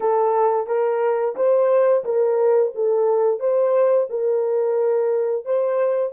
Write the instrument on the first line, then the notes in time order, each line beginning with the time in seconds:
horn
0.00 A4
0.67 A#4
1.35 C5
2.04 A#4
2.74 A4
3.39 C5
4.09 A#4
5.45 C5